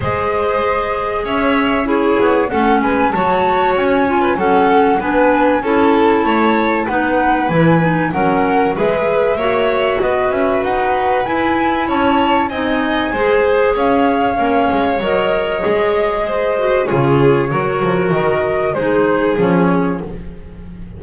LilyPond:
<<
  \new Staff \with { instrumentName = "flute" } { \time 4/4 \tempo 4 = 96 dis''2 e''4 cis''4 | fis''8 gis''8 a''4 gis''4 fis''4 | gis''4 a''2 fis''4 | gis''4 fis''4 e''2 |
dis''8 e''8 fis''4 gis''4 a''4 | gis''2 f''2 | dis''2. cis''4~ | cis''4 dis''4 c''4 cis''4 | }
  \new Staff \with { instrumentName = "violin" } { \time 4/4 c''2 cis''4 gis'4 | a'8 b'8 cis''4.~ cis''16 b'16 a'4 | b'4 a'4 cis''4 b'4~ | b'4 ais'4 b'4 cis''4 |
b'2. cis''4 | dis''4 c''4 cis''2~ | cis''2 c''4 gis'4 | ais'2 gis'2 | }
  \new Staff \with { instrumentName = "clarinet" } { \time 4/4 gis'2. e'4 | cis'4 fis'4. f'8 cis'4 | d'4 e'2 dis'4 | e'8 dis'8 cis'4 gis'4 fis'4~ |
fis'2 e'2 | dis'4 gis'2 cis'4 | ais'4 gis'4. fis'8 f'4 | fis'2 dis'4 cis'4 | }
  \new Staff \with { instrumentName = "double bass" } { \time 4/4 gis2 cis'4. b8 | a8 gis8 fis4 cis'4 fis4 | b4 cis'4 a4 b4 | e4 fis4 gis4 ais4 |
b8 cis'8 dis'4 e'4 cis'4 | c'4 gis4 cis'4 ais8 gis8 | fis4 gis2 cis4 | fis8 f8 dis4 gis4 f4 | }
>>